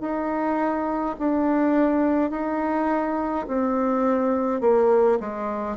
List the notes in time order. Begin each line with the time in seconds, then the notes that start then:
0.00 D#4
1.19 D4
2.30 D#4
3.47 C4
4.60 A#3
5.20 G#3